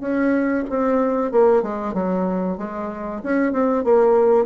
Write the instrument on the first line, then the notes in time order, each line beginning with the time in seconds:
bassoon
0.00 C#4
0.69 C4
1.31 A#3
1.62 G#3
1.94 F#3
2.57 G#3
3.23 C#4
3.52 C4
3.84 A#3